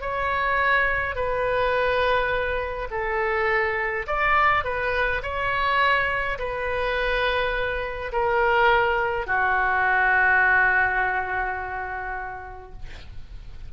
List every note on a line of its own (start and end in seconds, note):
0.00 1.15 C#5
1.15 2.88 B4
2.91 4.06 A4
4.06 4.64 D5
4.64 5.21 B4
5.22 6.38 C#5
6.38 8.11 B4
8.12 9.26 A#4
9.26 12.72 F#4